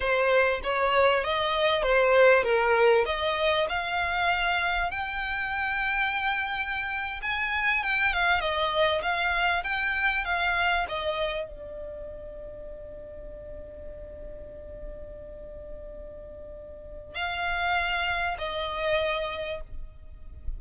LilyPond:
\new Staff \with { instrumentName = "violin" } { \time 4/4 \tempo 4 = 98 c''4 cis''4 dis''4 c''4 | ais'4 dis''4 f''2 | g''2.~ g''8. gis''16~ | gis''8. g''8 f''8 dis''4 f''4 g''16~ |
g''8. f''4 dis''4 d''4~ d''16~ | d''1~ | d''1 | f''2 dis''2 | }